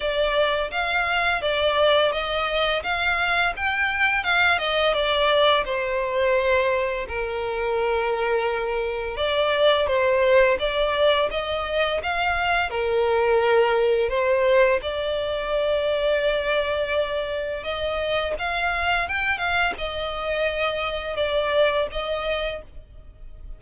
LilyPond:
\new Staff \with { instrumentName = "violin" } { \time 4/4 \tempo 4 = 85 d''4 f''4 d''4 dis''4 | f''4 g''4 f''8 dis''8 d''4 | c''2 ais'2~ | ais'4 d''4 c''4 d''4 |
dis''4 f''4 ais'2 | c''4 d''2.~ | d''4 dis''4 f''4 g''8 f''8 | dis''2 d''4 dis''4 | }